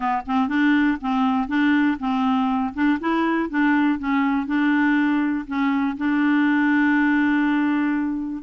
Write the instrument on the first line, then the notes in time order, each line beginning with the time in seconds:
clarinet
0.00 B3
0.26 C4
0.48 D4
1.00 C4
1.48 D4
1.99 C4
2.74 D4
3.00 E4
3.49 D4
3.98 C#4
4.46 D4
5.47 C#4
5.97 D4